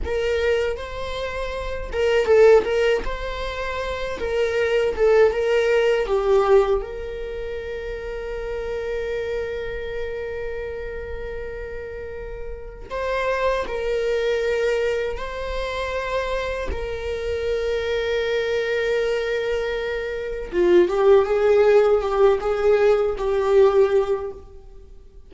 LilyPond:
\new Staff \with { instrumentName = "viola" } { \time 4/4 \tempo 4 = 79 ais'4 c''4. ais'8 a'8 ais'8 | c''4. ais'4 a'8 ais'4 | g'4 ais'2.~ | ais'1~ |
ais'4 c''4 ais'2 | c''2 ais'2~ | ais'2. f'8 g'8 | gis'4 g'8 gis'4 g'4. | }